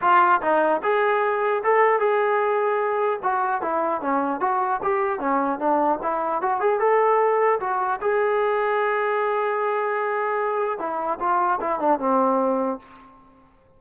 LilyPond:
\new Staff \with { instrumentName = "trombone" } { \time 4/4 \tempo 4 = 150 f'4 dis'4 gis'2 | a'4 gis'2. | fis'4 e'4 cis'4 fis'4 | g'4 cis'4 d'4 e'4 |
fis'8 gis'8 a'2 fis'4 | gis'1~ | gis'2. e'4 | f'4 e'8 d'8 c'2 | }